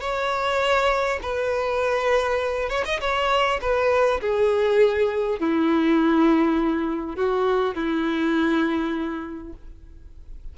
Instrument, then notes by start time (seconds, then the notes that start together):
violin
0.00 C#5
1.22 B4
2.69 C#5
2.85 D#5
3.00 C#5
3.61 B4
4.21 G#4
5.40 E4
7.16 F#4
7.75 E4